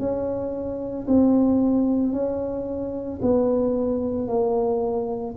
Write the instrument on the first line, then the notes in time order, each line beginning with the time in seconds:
tuba
0.00 C#4
1.08 C4
2.13 C#4
3.22 B3
4.29 A#3